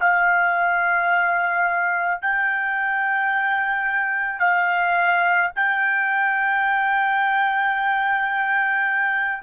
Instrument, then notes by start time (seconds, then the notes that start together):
trumpet
0.00 F5
2.22 G5
4.40 F5
5.56 G5